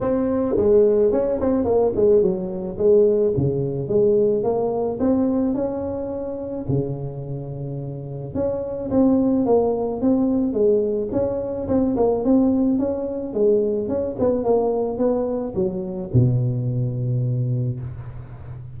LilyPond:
\new Staff \with { instrumentName = "tuba" } { \time 4/4 \tempo 4 = 108 c'4 gis4 cis'8 c'8 ais8 gis8 | fis4 gis4 cis4 gis4 | ais4 c'4 cis'2 | cis2. cis'4 |
c'4 ais4 c'4 gis4 | cis'4 c'8 ais8 c'4 cis'4 | gis4 cis'8 b8 ais4 b4 | fis4 b,2. | }